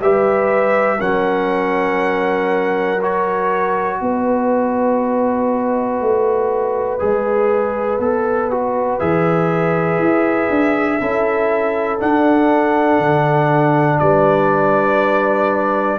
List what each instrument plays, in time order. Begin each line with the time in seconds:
0.00 tuba G3, trombone G4, horn B4, trumpet E5
0.97 tuba F#3, trombone C#4, horn A#4, trumpet F#5
3.01 trombone F#4, trumpet C#5
4.00 tuba B3, horn B4, trumpet D#5
6.00 tuba A3
6.99 tuba G#3, trombone G#4
7.99 tuba B3, trombone A4
8.50 trombone F#4
8.99 tuba E3, trombone G#4, trumpet E5
9.99 tuba E4
10.50 tuba D4
11.00 tuba C#4, trombone E4, horn A4
11.99 trombone D4, tuba D4, trumpet F#5
12.99 tuba D3
13.99 tuba G3, horn B4, trumpet D5